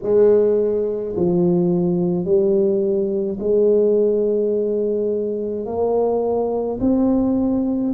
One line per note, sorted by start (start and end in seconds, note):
0.02 1.15 G#3
1.16 2.24 F3
2.24 3.38 G3
3.40 5.66 G#3
5.66 6.79 A#3
6.80 7.93 C4